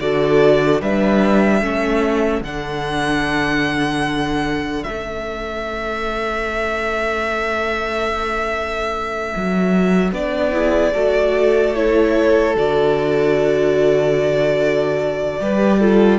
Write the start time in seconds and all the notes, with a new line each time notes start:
0.00 D3 F#4 A4 D5
0.81 G3 D4 B4 E5
1.61 A3 C#4 A4
2.41 D3 D4 F#5
4.83 A3 C#4 E5
9.36 F#3
10.12 B3 D4 D5
10.52 E4 G#4
10.93 A3 F#4 A4
11.75 E4 C#5
12.56 D3 F#4 D5
15.40 G3 G4 B4
15.80 F4 A4